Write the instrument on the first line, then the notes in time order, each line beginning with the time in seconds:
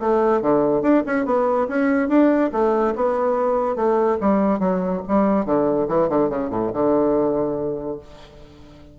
bassoon
0.00 A3
0.42 D3
0.82 D4
1.06 C#4
1.26 B3
1.69 C#4
2.09 D4
2.53 A3
2.96 B3
3.76 A3
4.21 G3
4.60 F#3
5.08 G3
5.46 D3
5.88 E3
6.10 D3
6.30 C#3
6.50 A2
6.73 D3